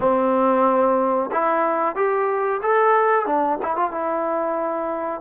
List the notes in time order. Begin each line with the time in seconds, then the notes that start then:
0.00 C4
1.32 E4
1.95 G4
2.62 A4
3.25 D4
3.62 E4
3.75 F4
3.91 E4